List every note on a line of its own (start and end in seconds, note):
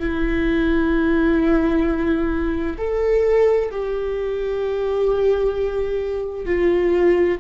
0.00 2.77 E4
2.78 3.70 A4
3.71 6.46 G4
6.46 7.38 F4